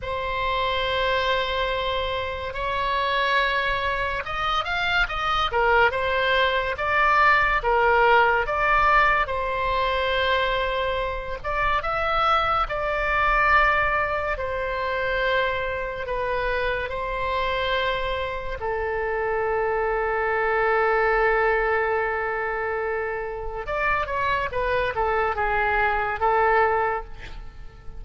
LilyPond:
\new Staff \with { instrumentName = "oboe" } { \time 4/4 \tempo 4 = 71 c''2. cis''4~ | cis''4 dis''8 f''8 dis''8 ais'8 c''4 | d''4 ais'4 d''4 c''4~ | c''4. d''8 e''4 d''4~ |
d''4 c''2 b'4 | c''2 a'2~ | a'1 | d''8 cis''8 b'8 a'8 gis'4 a'4 | }